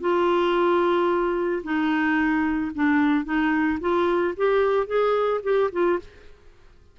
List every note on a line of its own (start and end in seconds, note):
0.00 1.62 F4
1.63 2.71 D#4
2.74 3.25 D4
3.25 3.79 D#4
3.80 4.34 F4
4.36 4.86 G4
4.86 5.40 G#4
5.43 5.70 G4
5.72 5.99 F4